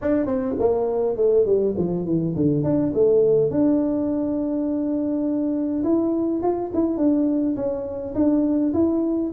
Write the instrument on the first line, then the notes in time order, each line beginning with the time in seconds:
tuba
0.01 D4
0.26 C4
0.59 A#3
1.16 A3
1.45 G3
1.77 F3
2.05 E3
2.35 D3
2.63 D4
2.94 A3
3.50 D4
5.83 E4
6.42 F4
6.74 E4
6.97 D4
7.55 C#4
8.14 D4
8.73 E4